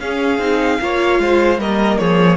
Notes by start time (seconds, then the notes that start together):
0.00 C#4 G#4 F5
0.39 C4 D#4
0.81 A#3 F4 C#5
1.19 G#3 C5
1.58 G3 A#3 A#4 D#5
1.99 F3 G#4 C#5